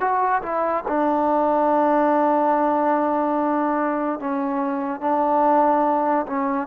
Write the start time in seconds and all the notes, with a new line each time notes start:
0.00 F#4
0.42 E4
0.87 D4
4.20 C#4
5.00 D4
6.26 C#4